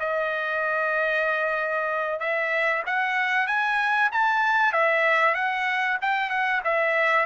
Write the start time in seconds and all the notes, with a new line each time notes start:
0.00 D#5
2.20 E5
2.86 F#5
3.47 G#5
4.12 A5
4.73 E5
5.35 F#5
6.01 G5
6.30 F#5
6.64 E5